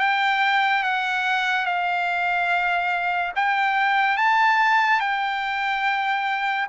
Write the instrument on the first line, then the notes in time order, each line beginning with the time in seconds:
trumpet
0.00 G5
0.84 F#5
1.66 F5
3.36 G5
4.17 A5
5.00 G5